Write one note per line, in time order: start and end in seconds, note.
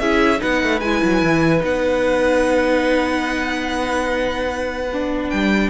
0.00 0.41 C#4
0.00 0.39 E4
0.00 0.41 G#4
0.00 0.41 E5
0.39 0.63 B3
0.39 0.80 D#4
0.39 5.70 B4
0.39 0.80 F#5
0.63 0.81 A3
0.80 1.02 G#3
0.80 1.60 E4
0.80 1.62 G#5
1.04 1.22 F#3
1.22 1.63 E3
1.60 5.31 B3
1.60 4.86 D#4
1.60 5.30 F#5
4.93 5.70 D4
5.30 5.70 G3
5.30 5.70 G5